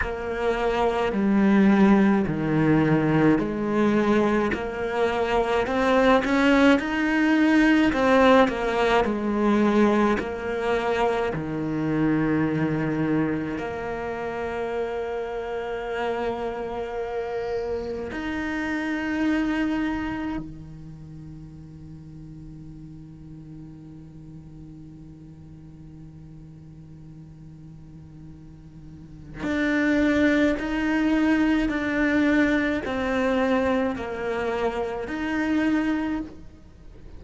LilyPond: \new Staff \with { instrumentName = "cello" } { \time 4/4 \tempo 4 = 53 ais4 g4 dis4 gis4 | ais4 c'8 cis'8 dis'4 c'8 ais8 | gis4 ais4 dis2 | ais1 |
dis'2 dis2~ | dis1~ | dis2 d'4 dis'4 | d'4 c'4 ais4 dis'4 | }